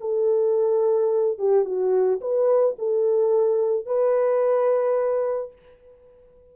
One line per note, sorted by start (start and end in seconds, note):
0.00 1.38 A4
1.38 1.65 G4
1.65 2.20 F#4
2.20 2.76 B4
2.78 3.86 A4
3.86 5.52 B4